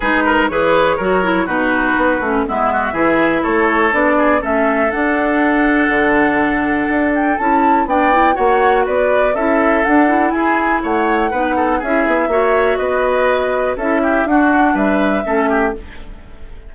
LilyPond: <<
  \new Staff \with { instrumentName = "flute" } { \time 4/4 \tempo 4 = 122 b'4 cis''2 b'4~ | b'4 e''2 cis''4 | d''4 e''4 fis''2~ | fis''2~ fis''8 g''8 a''4 |
g''4 fis''4 d''4 e''4 | fis''4 gis''4 fis''2 | e''2 dis''2 | e''4 fis''4 e''2 | }
  \new Staff \with { instrumentName = "oboe" } { \time 4/4 gis'8 ais'8 b'4 ais'4 fis'4~ | fis'4 e'8 fis'8 gis'4 a'4~ | a'8 gis'8 a'2.~ | a'1 |
d''4 cis''4 b'4 a'4~ | a'4 gis'4 cis''4 b'8 a'8 | gis'4 cis''4 b'2 | a'8 g'8 fis'4 b'4 a'8 g'8 | }
  \new Staff \with { instrumentName = "clarinet" } { \time 4/4 dis'4 gis'4 fis'8 e'8 dis'4~ | dis'8 cis'8 b4 e'2 | d'4 cis'4 d'2~ | d'2. e'4 |
d'8 e'8 fis'2 e'4 | d'8 e'2~ e'8 dis'4 | e'4 fis'2. | e'4 d'2 cis'4 | }
  \new Staff \with { instrumentName = "bassoon" } { \time 4/4 gis4 e4 fis4 b,4 | b8 a8 gis4 e4 a4 | b4 a4 d'2 | d2 d'4 cis'4 |
b4 ais4 b4 cis'4 | d'4 e'4 a4 b4 | cis'8 b8 ais4 b2 | cis'4 d'4 g4 a4 | }
>>